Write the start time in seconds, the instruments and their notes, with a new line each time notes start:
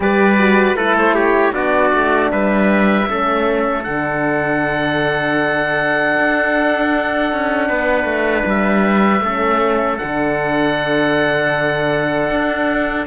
0.00 cello G3, horn G4, trumpet B4, oboe D5
0.38 horn F#4
0.74 cello A3, horn E4, trumpet A4, oboe B4
0.98 oboe C5
1.14 trumpet G4, oboe C#5
1.52 cello B3, horn D4, trumpet F#4, oboe D5
1.93 cello A3
2.31 cello G3, trumpet B4, oboe E5
3.07 cello A3, horn C#4, trumpet A4
3.83 cello D3, horn D4, oboe F#5
6.17 cello D4
7.32 cello C#4
7.68 cello B3, trumpet B4
8.04 cello A3
8.45 cello G3, oboe E5
9.20 cello A3, horn C#4, trumpet A4
9.98 cello D3, horn D4, oboe F#5
12.30 cello D4